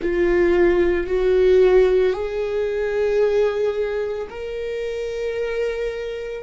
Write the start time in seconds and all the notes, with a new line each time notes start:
0.02 F4
1.06 F#4
2.13 G#4
4.29 A#4